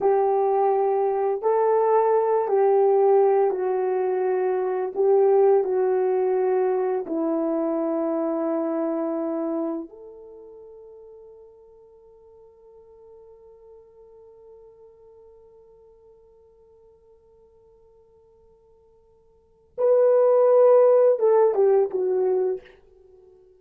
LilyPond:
\new Staff \with { instrumentName = "horn" } { \time 4/4 \tempo 4 = 85 g'2 a'4. g'8~ | g'4 fis'2 g'4 | fis'2 e'2~ | e'2 a'2~ |
a'1~ | a'1~ | a'1 | b'2 a'8 g'8 fis'4 | }